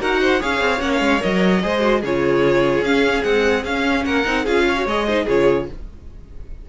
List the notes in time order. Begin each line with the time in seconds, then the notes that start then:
0.00 D#4 F#4 A#4 F#5
0.22 C5
0.41 C#4 G#4 C#5 F5
0.61 C4
0.79 A#3 C#4 F#5
0.93 F5
1.00 G#3
1.20 F#3 A#4 D#5
1.63 G#3 G#4 C5
1.80 F#4
2.01 C#3 F4 G#4 C#5
2.82 C#4 F5
3.23 G#3 C4 F#5
3.65 C#4 F5
4.06 A#3 A#4 F#5
4.25 C4 D#4
4.45 C#4 F4 G#4 F5
4.69 C#5
4.77 F#4
4.86 G#3 G#4 D#5
5.08 D#4 C5
5.25 C#3 F4 G#4 C#5